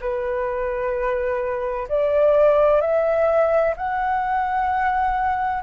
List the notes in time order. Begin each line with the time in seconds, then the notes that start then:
0.00 B4
1.88 D5
2.81 E5
3.76 F#5